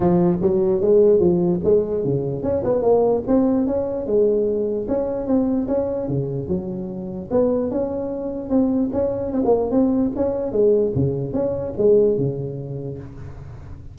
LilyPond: \new Staff \with { instrumentName = "tuba" } { \time 4/4 \tempo 4 = 148 f4 fis4 gis4 f4 | gis4 cis4 cis'8 b8 ais4 | c'4 cis'4 gis2 | cis'4 c'4 cis'4 cis4 |
fis2 b4 cis'4~ | cis'4 c'4 cis'4 c'16 ais8. | c'4 cis'4 gis4 cis4 | cis'4 gis4 cis2 | }